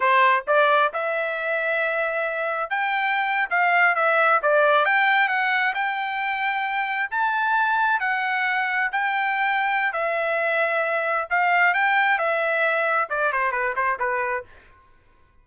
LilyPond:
\new Staff \with { instrumentName = "trumpet" } { \time 4/4 \tempo 4 = 133 c''4 d''4 e''2~ | e''2 g''4.~ g''16 f''16~ | f''8. e''4 d''4 g''4 fis''16~ | fis''8. g''2. a''16~ |
a''4.~ a''16 fis''2 g''16~ | g''2 e''2~ | e''4 f''4 g''4 e''4~ | e''4 d''8 c''8 b'8 c''8 b'4 | }